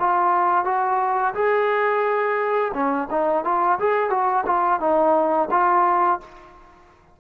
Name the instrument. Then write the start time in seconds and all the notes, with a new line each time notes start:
trombone
0.00 F4
0.66 F#4
1.35 G#4
2.74 C#4
3.11 D#4
3.45 F4
3.80 G#4
4.11 F#4
4.47 F4
4.80 D#4
5.51 F4